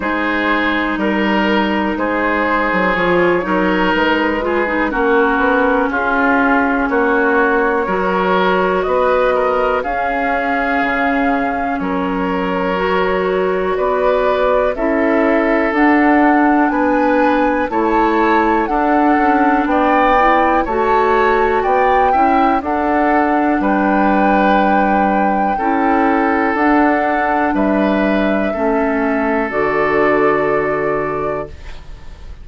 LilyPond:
<<
  \new Staff \with { instrumentName = "flute" } { \time 4/4 \tempo 4 = 61 c''4 ais'4 c''4 cis''4 | b'4 ais'4 gis'4 cis''4~ | cis''4 dis''4 f''2 | cis''2 d''4 e''4 |
fis''4 gis''4 a''4 fis''4 | g''4 a''4 g''4 fis''4 | g''2. fis''4 | e''2 d''2 | }
  \new Staff \with { instrumentName = "oboe" } { \time 4/4 gis'4 ais'4 gis'4. ais'8~ | ais'8 gis'8 fis'4 f'4 fis'4 | ais'4 b'8 ais'8 gis'2 | ais'2 b'4 a'4~ |
a'4 b'4 cis''4 a'4 | d''4 cis''4 d''8 e''8 a'4 | b'2 a'2 | b'4 a'2. | }
  \new Staff \with { instrumentName = "clarinet" } { \time 4/4 dis'2. f'8 dis'8~ | dis'8 f'16 dis'16 cis'2. | fis'2 cis'2~ | cis'4 fis'2 e'4 |
d'2 e'4 d'4~ | d'8 e'8 fis'4. e'8 d'4~ | d'2 e'4 d'4~ | d'4 cis'4 fis'2 | }
  \new Staff \with { instrumentName = "bassoon" } { \time 4/4 gis4 g4 gis8. fis16 f8 fis8 | gis4 ais8 b8 cis'4 ais4 | fis4 b4 cis'4 cis4 | fis2 b4 cis'4 |
d'4 b4 a4 d'8 cis'8 | b4 a4 b8 cis'8 d'4 | g2 cis'4 d'4 | g4 a4 d2 | }
>>